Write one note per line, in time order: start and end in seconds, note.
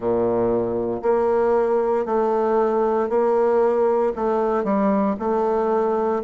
0.00 1.02 A#2
1.02 2.05 A#3
2.05 3.08 A3
3.09 4.12 A#3
4.15 4.64 A3
4.64 5.15 G3
5.19 6.23 A3